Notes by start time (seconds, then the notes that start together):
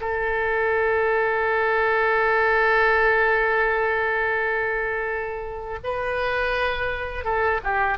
0.00 A4
5.83 B4
7.24 A4
7.63 G4